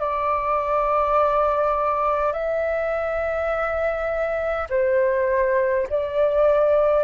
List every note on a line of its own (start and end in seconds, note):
0.00 2.33 D5
2.33 4.68 E5
4.70 5.87 C5
5.89 7.04 D5